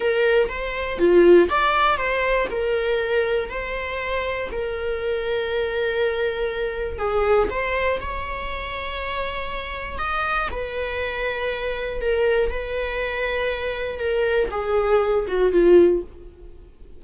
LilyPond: \new Staff \with { instrumentName = "viola" } { \time 4/4 \tempo 4 = 120 ais'4 c''4 f'4 d''4 | c''4 ais'2 c''4~ | c''4 ais'2.~ | ais'2 gis'4 c''4 |
cis''1 | dis''4 b'2. | ais'4 b'2. | ais'4 gis'4. fis'8 f'4 | }